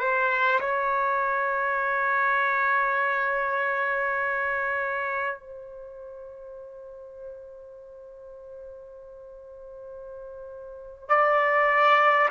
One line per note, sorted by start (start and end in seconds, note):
0.00 0.60 C5
0.60 5.40 C#5
5.41 11.09 C5
11.09 12.29 D5